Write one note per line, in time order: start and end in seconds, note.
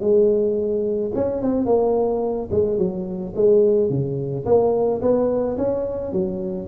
0.00 1.11 G#3
1.14 1.42 C#4
1.42 1.65 C4
1.65 2.49 A#3
2.51 2.78 G#3
2.78 3.33 F#3
3.35 3.89 G#3
3.89 4.45 C#3
4.45 5.01 A#3
5.01 5.57 B3
5.57 6.12 C#4
6.12 6.67 F#3